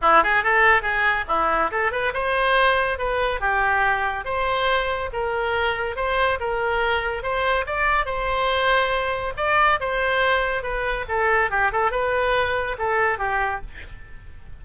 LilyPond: \new Staff \with { instrumentName = "oboe" } { \time 4/4 \tempo 4 = 141 e'8 gis'8 a'4 gis'4 e'4 | a'8 b'8 c''2 b'4 | g'2 c''2 | ais'2 c''4 ais'4~ |
ais'4 c''4 d''4 c''4~ | c''2 d''4 c''4~ | c''4 b'4 a'4 g'8 a'8 | b'2 a'4 g'4 | }